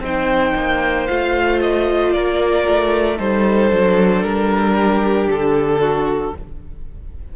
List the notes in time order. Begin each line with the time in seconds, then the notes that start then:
0.00 C4 D#4 C5 G5
0.55 A#3
1.06 A3 F4 F5
1.61 D#5
2.12 A#3 A#4 D5
2.67 A3
3.16 G3 D#4 A4 C5
3.69 F#3 D4
4.23 G3 A#4
4.76 G4
5.27 D3 A4
5.80 F#4